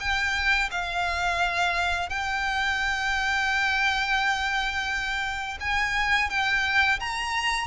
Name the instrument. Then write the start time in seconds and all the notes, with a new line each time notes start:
violin
0.00 G5
0.71 F5
2.09 G5
5.60 G#5
6.30 G5
7.00 A#5